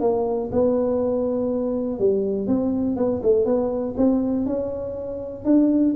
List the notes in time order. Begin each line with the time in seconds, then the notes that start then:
0.00 A#3
0.52 B3
1.99 G3
2.47 C4
2.96 B3
3.22 A3
3.45 B3
3.97 C4
4.46 C#4
5.45 D4